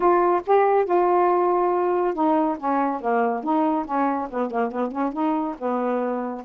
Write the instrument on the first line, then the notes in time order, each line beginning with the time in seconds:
saxophone
0.00 F4
0.46 G4
0.85 F4
2.14 D#4
2.58 C#4
3.01 A#3
3.43 D#4
3.85 C#4
4.30 B3
4.50 A#3
4.71 B3
4.91 C#4
5.13 D#4
5.58 B3